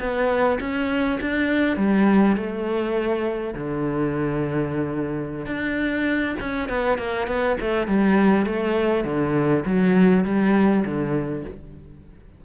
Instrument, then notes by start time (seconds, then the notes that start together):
cello
0.00 B3
0.60 C#4
1.21 D4
1.77 G3
2.37 A3
3.55 D3
5.47 D4
6.40 C#4
6.69 B3
6.98 A#3
7.28 B3
7.61 A3
7.87 G3
8.47 A3
9.05 D3
9.66 F#3
10.25 G3
10.85 D3